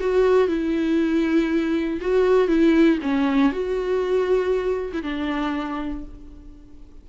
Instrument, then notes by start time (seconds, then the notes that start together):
viola
0.00 F#4
0.48 E4
2.01 F#4
2.48 E4
3.02 C#4
3.52 F#4
4.93 E4
5.02 D4